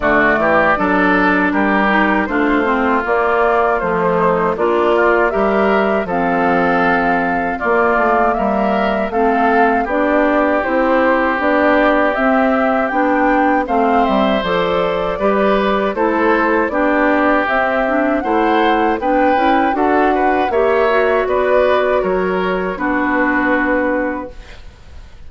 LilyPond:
<<
  \new Staff \with { instrumentName = "flute" } { \time 4/4 \tempo 4 = 79 d''2 ais'4 c''4 | d''4 c''4 d''4 e''4 | f''2 d''4 e''4 | f''4 d''4 c''4 d''4 |
e''4 g''4 f''8 e''8 d''4~ | d''4 c''4 d''4 e''4 | fis''4 g''4 fis''4 e''4 | d''4 cis''4 b'2 | }
  \new Staff \with { instrumentName = "oboe" } { \time 4/4 fis'8 g'8 a'4 g'4 f'4~ | f'4. dis'8 d'8 f'8 ais'4 | a'2 f'4 ais'4 | a'4 g'2.~ |
g'2 c''2 | b'4 a'4 g'2 | c''4 b'4 a'8 b'8 cis''4 | b'4 ais'4 fis'2 | }
  \new Staff \with { instrumentName = "clarinet" } { \time 4/4 a4 d'4. dis'8 d'8 c'8 | ais4 f4 f'4 g'4 | c'2 ais2 | c'4 d'4 e'4 d'4 |
c'4 d'4 c'4 a'4 | g'4 e'4 d'4 c'8 d'8 | e'4 d'8 e'8 fis'4 g'8 fis'8~ | fis'2 d'2 | }
  \new Staff \with { instrumentName = "bassoon" } { \time 4/4 d8 e8 fis4 g4 a4 | ais4 a4 ais4 g4 | f2 ais8 a8 g4 | a4 b4 c'4 b4 |
c'4 b4 a8 g8 f4 | g4 a4 b4 c'4 | a4 b8 cis'8 d'4 ais4 | b4 fis4 b2 | }
>>